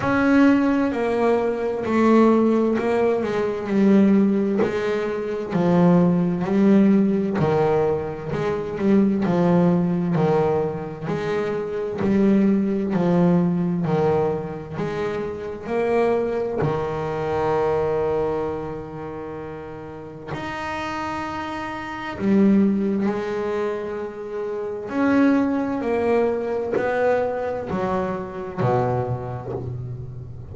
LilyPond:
\new Staff \with { instrumentName = "double bass" } { \time 4/4 \tempo 4 = 65 cis'4 ais4 a4 ais8 gis8 | g4 gis4 f4 g4 | dis4 gis8 g8 f4 dis4 | gis4 g4 f4 dis4 |
gis4 ais4 dis2~ | dis2 dis'2 | g4 gis2 cis'4 | ais4 b4 fis4 b,4 | }